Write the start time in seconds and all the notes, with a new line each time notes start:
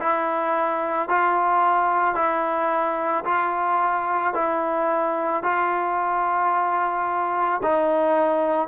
0.00 E4
1.09 F4
2.15 E4
3.25 F4
4.34 E4
5.43 F4
7.63 D#4